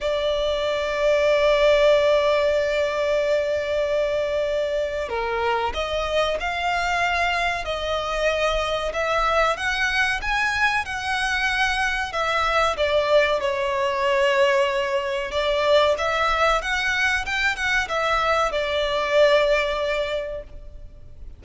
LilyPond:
\new Staff \with { instrumentName = "violin" } { \time 4/4 \tempo 4 = 94 d''1~ | d''1 | ais'4 dis''4 f''2 | dis''2 e''4 fis''4 |
gis''4 fis''2 e''4 | d''4 cis''2. | d''4 e''4 fis''4 g''8 fis''8 | e''4 d''2. | }